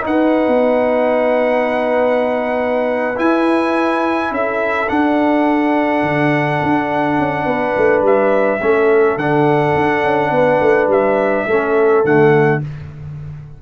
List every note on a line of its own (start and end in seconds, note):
0.00 3.14 D#4
0.00 0.47 D#4
0.06 4.33 B4
0.06 3.18 F#5
0.47 3.18 B3
3.16 4.87 E4
3.16 4.31 E4
3.16 4.32 G#5
4.31 4.88 C#4
4.31 7.45 A4
4.31 4.89 E5
4.88 8.60 D4
4.88 6.02 D4
4.88 8.03 F#5
6.02 6.59 D3
6.62 7.18 D4
7.18 7.45 C#4
7.45 7.74 B3
7.45 8.59 B4
7.77 8.01 A3
8.01 8.59 G3
8.01 9.17 E5
8.60 9.16 A3
8.60 9.18 C#4
8.60 10.31 A4
9.16 9.73 D3
9.16 11.48 D4
9.16 10.89 F#5
9.75 10.03 D4
10.03 10.30 C#4
10.30 10.59 B3
10.30 11.47 B4
10.60 10.87 A3
10.87 11.45 G3
10.87 12.05 E5
11.46 12.03 A3
11.46 12.04 C#4
11.46 12.61 A4
12.04 12.61 D3
12.04 12.61 A3
12.04 12.62 F#5